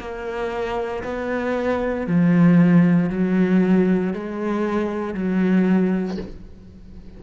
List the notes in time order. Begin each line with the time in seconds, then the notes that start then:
0.00 A#3
1.04 B3
2.07 F3
3.10 F#3
4.14 G#3
5.14 F#3